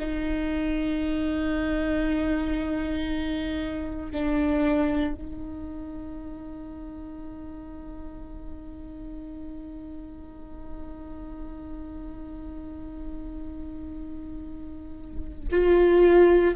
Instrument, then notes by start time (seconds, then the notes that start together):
viola
0.00 D#4
4.12 D4
5.14 D#4
15.52 F4